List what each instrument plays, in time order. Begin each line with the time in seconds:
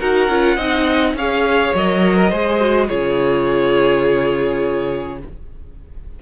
0.00 cello D#4, viola F#4, violin A#4 F#5
0.29 cello C#4, viola F4
0.56 cello C4, viola D#4, violin D#5
1.14 cello C#4, viola G#4, violin C#5 F5
1.75 cello F#3, viola A#4, violin D#5
2.16 violin A#4
2.30 cello G#3, viola G#4, violin C5
2.60 viola F#4
2.88 cello C#3, viola F4, violin G#4 C#5